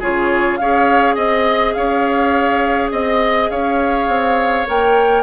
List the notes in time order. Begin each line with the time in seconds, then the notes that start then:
0.00 C#3 F4 G#4 C#5
0.57 C#4 G#4 C#5 F5
1.15 C4 D#5
1.73 C#4 C#5 F5
2.92 C4 D#5
3.50 C#4 C#5 F5
4.08 C4
4.67 A#3 A#4 G5